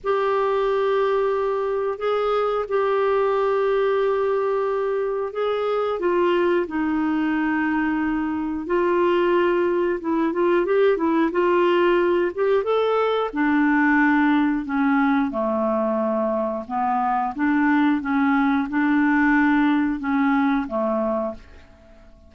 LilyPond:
\new Staff \with { instrumentName = "clarinet" } { \time 4/4 \tempo 4 = 90 g'2. gis'4 | g'1 | gis'4 f'4 dis'2~ | dis'4 f'2 e'8 f'8 |
g'8 e'8 f'4. g'8 a'4 | d'2 cis'4 a4~ | a4 b4 d'4 cis'4 | d'2 cis'4 a4 | }